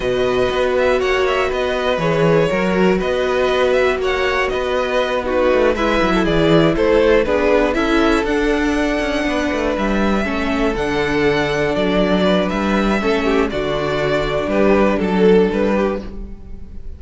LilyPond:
<<
  \new Staff \with { instrumentName = "violin" } { \time 4/4 \tempo 4 = 120 dis''4. e''8 fis''8 e''8 dis''4 | cis''2 dis''4. e''8 | fis''4 dis''4. b'4 e''8~ | e''8 d''4 c''4 b'4 e''8~ |
e''8 fis''2. e''8~ | e''4. fis''2 d''8~ | d''4 e''2 d''4~ | d''4 b'4 a'4 b'4 | }
  \new Staff \with { instrumentName = "violin" } { \time 4/4 b'2 cis''4 b'4~ | b'4 ais'4 b'2 | cis''4 b'4. fis'4 b'8~ | b'16 a'16 gis'4 a'4 gis'4 a'8~ |
a'2~ a'8 b'4.~ | b'8 a'2.~ a'8~ | a'8 b'4. a'8 g'8 fis'4~ | fis'4 g'4 a'4. g'8 | }
  \new Staff \with { instrumentName = "viola" } { \time 4/4 fis'1 | gis'4 fis'2.~ | fis'2~ fis'8 dis'4 e'8~ | e'2~ e'8 d'4 e'8~ |
e'8 d'2.~ d'8~ | d'8 cis'4 d'2~ d'8~ | d'2 cis'4 d'4~ | d'1 | }
  \new Staff \with { instrumentName = "cello" } { \time 4/4 b,4 b4 ais4 b4 | e4 fis4 b2 | ais4 b2 a8 gis8 | fis8 e4 a4 b4 cis'8~ |
cis'8 d'4. cis'8 b8 a8 g8~ | g8 a4 d2 fis8~ | fis4 g4 a4 d4~ | d4 g4 fis4 g4 | }
>>